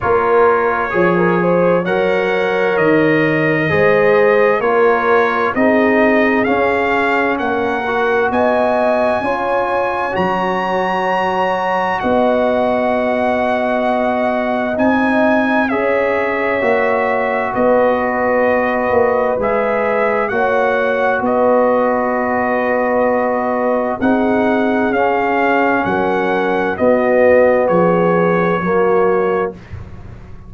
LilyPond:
<<
  \new Staff \with { instrumentName = "trumpet" } { \time 4/4 \tempo 4 = 65 cis''2 fis''4 dis''4~ | dis''4 cis''4 dis''4 f''4 | fis''4 gis''2 ais''4~ | ais''4 fis''2. |
gis''4 e''2 dis''4~ | dis''4 e''4 fis''4 dis''4~ | dis''2 fis''4 f''4 | fis''4 dis''4 cis''2 | }
  \new Staff \with { instrumentName = "horn" } { \time 4/4 ais'4 cis''16 ais'16 c''8 cis''2 | c''4 ais'4 gis'2 | ais'4 dis''4 cis''2~ | cis''4 dis''2.~ |
dis''4 cis''2 b'4~ | b'2 cis''4 b'4~ | b'2 gis'2 | ais'4 fis'4 gis'4 fis'4 | }
  \new Staff \with { instrumentName = "trombone" } { \time 4/4 f'4 gis'4 ais'2 | gis'4 f'4 dis'4 cis'4~ | cis'8 fis'4. f'4 fis'4~ | fis'1 |
dis'4 gis'4 fis'2~ | fis'4 gis'4 fis'2~ | fis'2 dis'4 cis'4~ | cis'4 b2 ais4 | }
  \new Staff \with { instrumentName = "tuba" } { \time 4/4 ais4 f4 fis4 dis4 | gis4 ais4 c'4 cis'4 | ais4 b4 cis'4 fis4~ | fis4 b2. |
c'4 cis'4 ais4 b4~ | b8 ais8 gis4 ais4 b4~ | b2 c'4 cis'4 | fis4 b4 f4 fis4 | }
>>